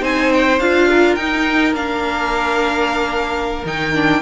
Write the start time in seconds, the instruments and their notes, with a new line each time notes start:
0.00 cello C4, viola D#4, violin C5 G#5
0.33 violin G5
0.59 cello D4, viola F4, violin F5
0.90 violin A#4
1.15 cello D#4, viola D#4, violin G5
1.73 cello A#3, viola D4, violin F5
3.65 cello D#3, viola D#4, violin G5
3.94 viola D4